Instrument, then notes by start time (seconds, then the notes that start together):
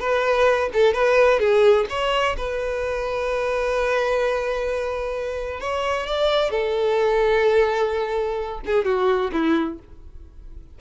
violin
0.00 B4
0.73 A4
0.94 B4
1.40 G#4
1.90 C#5
2.37 B4
5.60 C#5
6.07 D5
6.51 A4
8.66 G#4
8.85 F#4
9.33 E4